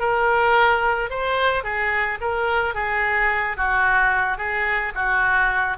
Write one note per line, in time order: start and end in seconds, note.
0.00 1.10 A#4
1.10 1.64 C5
1.64 2.19 G#4
2.21 2.75 A#4
2.75 3.57 G#4
3.57 4.38 F#4
4.38 4.93 G#4
4.95 5.77 F#4